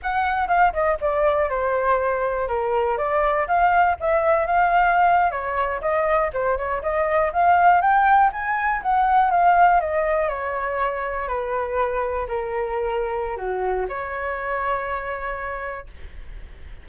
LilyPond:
\new Staff \with { instrumentName = "flute" } { \time 4/4 \tempo 4 = 121 fis''4 f''8 dis''8 d''4 c''4~ | c''4 ais'4 d''4 f''4 | e''4 f''4.~ f''16 cis''4 dis''16~ | dis''8. c''8 cis''8 dis''4 f''4 g''16~ |
g''8. gis''4 fis''4 f''4 dis''16~ | dis''8. cis''2 b'4~ b'16~ | b'8. ais'2~ ais'16 fis'4 | cis''1 | }